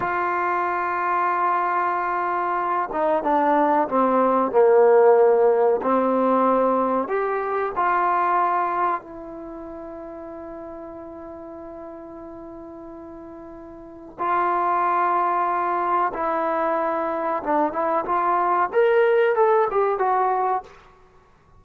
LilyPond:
\new Staff \with { instrumentName = "trombone" } { \time 4/4 \tempo 4 = 93 f'1~ | f'8 dis'8 d'4 c'4 ais4~ | ais4 c'2 g'4 | f'2 e'2~ |
e'1~ | e'2 f'2~ | f'4 e'2 d'8 e'8 | f'4 ais'4 a'8 g'8 fis'4 | }